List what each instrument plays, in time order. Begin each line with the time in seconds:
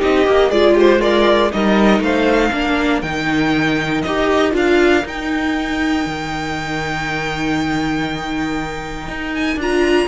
0.00 cello C4, viola D#4, violin G4 D#5
0.26 cello A#3, viola G4
0.50 cello G#3, viola F4, violin G#4 D5
0.75 violin G4 C5
1.01 violin F4 D5, viola A#4
1.52 cello G3, viola D#4, violin A#4 D#5
2.00 cello A3, violin C5 F5
2.52 cello A#3, viola D4, violin A#4
3.02 cello D#3, viola D#4, violin G5
4.02 cello D#4, viola G4, violin D#5
4.51 cello D4, viola F4, violin F5
5.05 cello D#4, viola D#4, violin G5
6.07 cello D#3
9.08 cello D#4
9.35 violin G#5
9.57 cello D4, viola F4, violin A#5